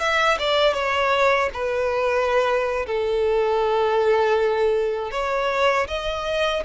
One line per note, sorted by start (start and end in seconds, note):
0.00 0.38 E5
0.39 0.74 D5
0.74 1.50 C#5
1.54 2.87 B4
2.87 5.12 A4
5.12 5.88 C#5
5.88 6.64 D#5